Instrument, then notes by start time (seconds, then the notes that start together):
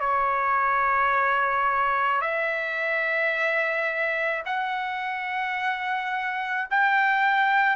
trumpet
0.00 C#5
2.21 E5
4.46 F#5
6.70 G5